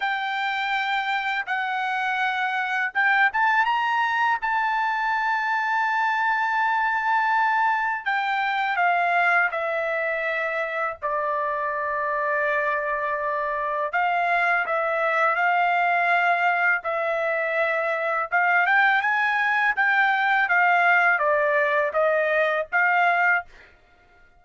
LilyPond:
\new Staff \with { instrumentName = "trumpet" } { \time 4/4 \tempo 4 = 82 g''2 fis''2 | g''8 a''8 ais''4 a''2~ | a''2. g''4 | f''4 e''2 d''4~ |
d''2. f''4 | e''4 f''2 e''4~ | e''4 f''8 g''8 gis''4 g''4 | f''4 d''4 dis''4 f''4 | }